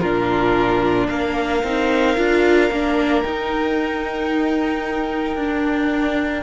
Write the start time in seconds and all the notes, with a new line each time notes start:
0.00 A#2 D4 F4 A#4
1.08 A#3 A#4 F5
1.63 C4 D#4
2.17 D4 F4
2.70 A#3 D4
3.22 D#4 G5
5.36 D4